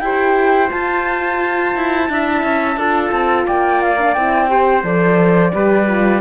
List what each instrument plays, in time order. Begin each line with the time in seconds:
0.00 cello E4, horn G4, trumpet C5, flute G5
0.69 horn F4, cello F4, flute A5
1.76 cello E4
2.09 cello D4, horn E4, trumpet E5
2.43 cello C#4
2.77 cello D4, horn F4, trumpet A4
3.12 cello C4
3.46 cello A#3, trumpet D5, flute G5
3.82 flute F5
3.98 horn D4
4.14 cello C4, horn E4, flute G5
4.49 horn G4, trumpet C5
4.83 cello F3, horn A4, flute D5
5.53 cello G3, horn G4, trumpet B4
5.88 horn F4